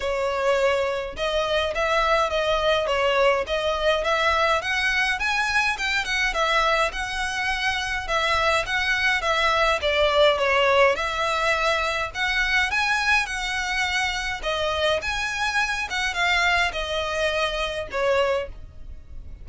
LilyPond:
\new Staff \with { instrumentName = "violin" } { \time 4/4 \tempo 4 = 104 cis''2 dis''4 e''4 | dis''4 cis''4 dis''4 e''4 | fis''4 gis''4 g''8 fis''8 e''4 | fis''2 e''4 fis''4 |
e''4 d''4 cis''4 e''4~ | e''4 fis''4 gis''4 fis''4~ | fis''4 dis''4 gis''4. fis''8 | f''4 dis''2 cis''4 | }